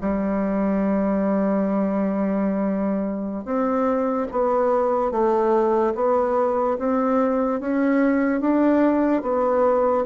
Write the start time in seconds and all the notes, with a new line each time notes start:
0.00 G3
3.44 C4
4.31 B3
5.11 A3
5.95 B3
6.78 C4
7.60 C#4
8.40 D4
9.22 B3